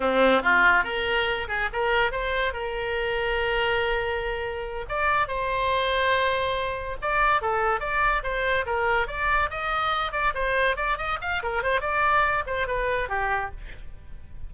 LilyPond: \new Staff \with { instrumentName = "oboe" } { \time 4/4 \tempo 4 = 142 c'4 f'4 ais'4. gis'8 | ais'4 c''4 ais'2~ | ais'2.~ ais'8 d''8~ | d''8 c''2.~ c''8~ |
c''8 d''4 a'4 d''4 c''8~ | c''8 ais'4 d''4 dis''4. | d''8 c''4 d''8 dis''8 f''8 ais'8 c''8 | d''4. c''8 b'4 g'4 | }